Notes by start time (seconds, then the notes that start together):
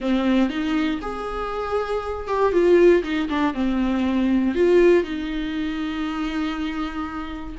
0.00 C4
0.49 D#4
1.01 G#4
2.27 G4
2.52 F4
3.03 D#4
3.29 D4
3.54 C4
4.54 F4
5.03 D#4